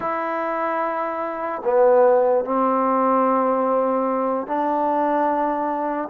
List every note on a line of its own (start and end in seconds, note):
0.00 1.62 E4
1.64 2.45 B3
2.45 4.46 C4
4.46 6.08 D4